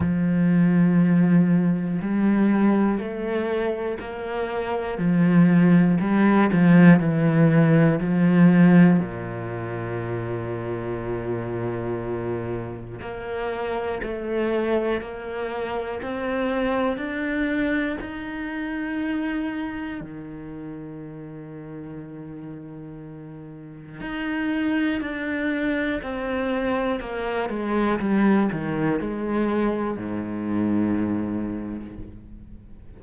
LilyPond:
\new Staff \with { instrumentName = "cello" } { \time 4/4 \tempo 4 = 60 f2 g4 a4 | ais4 f4 g8 f8 e4 | f4 ais,2.~ | ais,4 ais4 a4 ais4 |
c'4 d'4 dis'2 | dis1 | dis'4 d'4 c'4 ais8 gis8 | g8 dis8 gis4 gis,2 | }